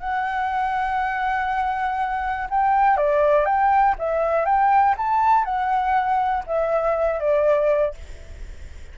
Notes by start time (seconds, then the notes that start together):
0.00 F#5
2.50 G5
2.97 D5
3.46 G5
3.99 E5
4.46 G5
4.98 A5
5.45 F#5
6.47 E5
7.20 D5